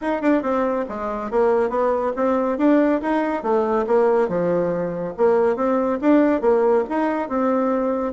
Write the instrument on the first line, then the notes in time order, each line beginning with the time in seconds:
bassoon
0.01 D#4
0.21 D4
0.42 C4
0.88 G#3
1.30 A#3
1.69 B3
2.16 C4
2.58 D4
3.01 D#4
3.42 A3
3.86 A#3
4.28 F3
5.17 A#3
5.56 C4
6.01 D4
6.41 A#3
6.89 D#4
7.28 C4